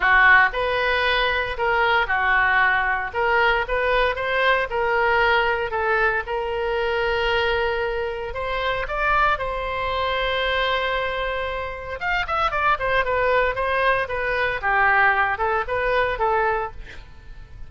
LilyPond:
\new Staff \with { instrumentName = "oboe" } { \time 4/4 \tempo 4 = 115 fis'4 b'2 ais'4 | fis'2 ais'4 b'4 | c''4 ais'2 a'4 | ais'1 |
c''4 d''4 c''2~ | c''2. f''8 e''8 | d''8 c''8 b'4 c''4 b'4 | g'4. a'8 b'4 a'4 | }